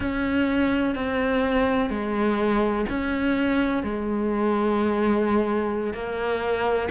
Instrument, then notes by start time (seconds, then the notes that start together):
cello
0.00 C#4
0.95 C4
1.90 G#3
2.89 C#4
3.83 G#3
5.93 A#3